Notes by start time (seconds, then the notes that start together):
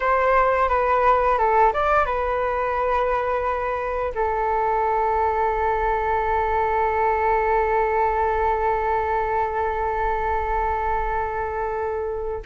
0.00 C5
0.69 B4
1.38 A4
1.73 D5
2.05 B4
4.14 A4